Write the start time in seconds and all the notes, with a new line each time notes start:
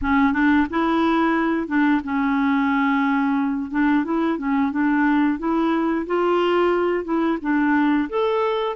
0.01 C#4
0.32 D4
0.70 E4
1.67 D4
2.04 C#4
3.70 D4
4.04 E4
4.38 C#4
4.71 D4
5.38 E4
6.06 F4
7.04 E4
7.41 D4
8.09 A4